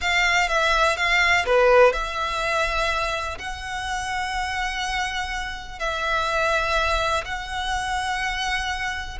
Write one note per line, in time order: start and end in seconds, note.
0.01 0.48 F5
0.48 0.96 E5
0.96 1.45 F5
1.45 1.92 B4
1.92 3.38 E5
3.38 5.79 F#5
5.79 7.24 E5
7.24 9.18 F#5